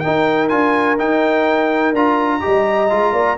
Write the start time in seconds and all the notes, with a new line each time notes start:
0.00 D#4 A#4 G5
0.07 D#4
0.49 D4 F4 G#5
0.99 D#4 G5
1.93 D4 F4 A#5
2.41 G3 G4 D#5
2.90 G#3 F4
3.13 A#3 D5